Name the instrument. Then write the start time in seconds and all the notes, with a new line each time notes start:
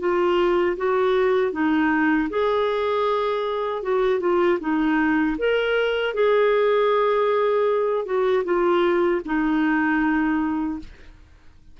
clarinet
0.00 F4
0.77 F#4
1.52 D#4
2.30 G#4
3.83 F#4
4.20 F4
4.60 D#4
5.38 A#4
6.14 G#4
8.06 F#4
8.45 F4
9.26 D#4